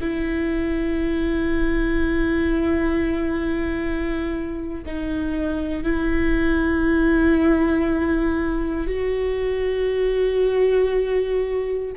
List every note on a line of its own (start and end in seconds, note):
0.00 4.83 E4
4.86 5.83 D#4
5.83 8.87 E4
8.87 11.92 F#4